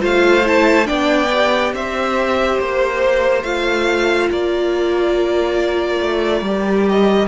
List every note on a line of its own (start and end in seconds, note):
0.00 0.89 A3
0.00 0.43 F4
0.00 0.88 C5
0.00 0.48 F5
0.46 0.85 E4
0.46 0.87 A5
0.85 1.74 B3
0.85 1.28 D4
0.85 1.74 D5
0.85 1.73 G5
1.32 3.45 G4
1.74 2.59 C4
1.74 4.30 C5
1.74 2.60 E5
2.59 3.44 A#3
2.59 3.43 C5
3.43 4.29 A3
3.43 6.45 F4
3.43 4.29 F5
4.30 6.01 A#3
4.30 7.28 A#4
4.30 6.89 D5
6.01 6.42 A3
6.42 7.27 G3
6.42 7.28 G4
6.90 7.28 D#5